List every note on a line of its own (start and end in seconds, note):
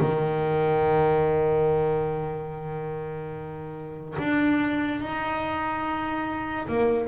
0.00 4.17 D#3
4.19 5.01 D4
5.01 6.68 D#4
6.69 7.08 A#3